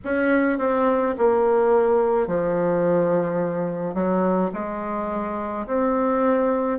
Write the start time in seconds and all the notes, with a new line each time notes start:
0.04 C#4
0.58 C4
1.17 A#3
2.27 F3
3.94 F#3
4.53 G#3
5.66 C4